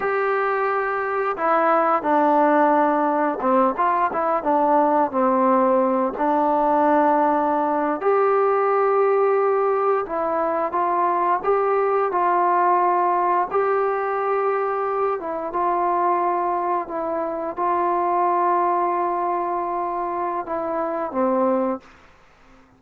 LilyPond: \new Staff \with { instrumentName = "trombone" } { \time 4/4 \tempo 4 = 88 g'2 e'4 d'4~ | d'4 c'8 f'8 e'8 d'4 c'8~ | c'4 d'2~ d'8. g'16~ | g'2~ g'8. e'4 f'16~ |
f'8. g'4 f'2 g'16~ | g'2~ g'16 e'8 f'4~ f'16~ | f'8. e'4 f'2~ f'16~ | f'2 e'4 c'4 | }